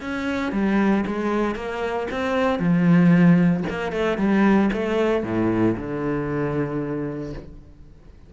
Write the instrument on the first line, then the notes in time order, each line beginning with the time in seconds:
cello
0.00 C#4
0.52 G3
1.06 G#3
1.55 A#3
2.11 C4
2.59 F3
3.69 A#3
3.92 A3
4.17 G3
4.72 A3
5.23 A2
5.77 D3